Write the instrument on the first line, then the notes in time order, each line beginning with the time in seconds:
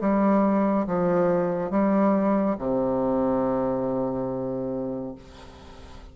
bassoon
0.00 G3
0.86 F3
1.70 G3
2.58 C3